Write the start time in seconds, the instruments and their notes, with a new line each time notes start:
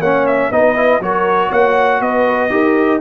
0.00 tuba A#3, trombone C#4, horn C#5, trumpet F#5
0.27 trumpet E5
0.51 tuba B3, trombone D#4, horn B4, trumpet D#5
0.76 trombone E4
1.00 tuba F#3, trombone F#4, horn A#4, trumpet C#5
1.50 tuba A#3, horn C#5, trumpet F#5
2.01 tuba B3, horn B4, trumpet D#5
2.50 tuba D#4, trombone G4, horn A#4